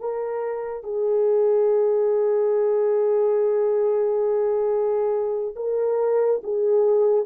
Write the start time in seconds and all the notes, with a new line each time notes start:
0.00 A#4
0.84 G#4
5.56 A#4
6.43 G#4